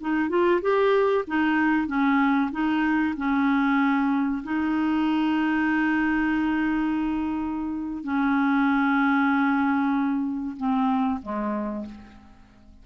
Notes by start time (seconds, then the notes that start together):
0.00 D#4
0.29 F4
0.61 G4
1.27 D#4
1.87 C#4
2.51 D#4
3.16 C#4
4.43 D#4
8.03 C#4
10.56 C4
11.22 G#3